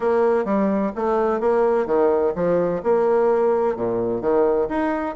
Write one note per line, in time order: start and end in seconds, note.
0.00 0.44 A#3
0.44 0.91 G3
0.95 1.40 A3
1.40 1.86 A#3
1.86 2.33 D#3
2.35 2.81 F3
2.83 3.76 A#3
3.76 4.21 A#2
4.21 4.68 D#3
4.69 5.15 D#4